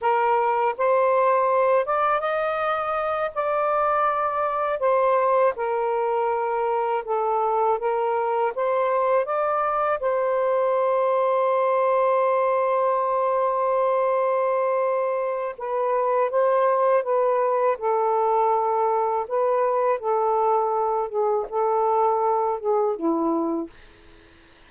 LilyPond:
\new Staff \with { instrumentName = "saxophone" } { \time 4/4 \tempo 4 = 81 ais'4 c''4. d''8 dis''4~ | dis''8 d''2 c''4 ais'8~ | ais'4. a'4 ais'4 c''8~ | c''8 d''4 c''2~ c''8~ |
c''1~ | c''4 b'4 c''4 b'4 | a'2 b'4 a'4~ | a'8 gis'8 a'4. gis'8 e'4 | }